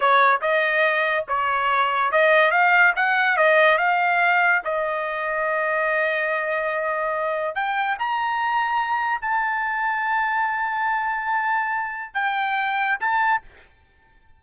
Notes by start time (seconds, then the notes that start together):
0.00 C#5
0.41 D#5
1.28 C#5
2.11 D#5
2.51 F5
2.96 F#5
3.36 D#5
3.78 F5
4.64 D#5
7.55 G5
7.98 A#5
9.21 A5
12.14 G5
13.00 A5